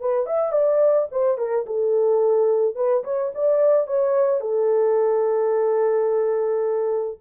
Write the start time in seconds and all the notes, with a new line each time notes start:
0.00 B4
0.26 E5
0.52 D5
1.11 C5
1.38 A#4
1.66 A4
2.76 B4
3.04 C#5
3.35 D5
3.87 C#5
4.41 A4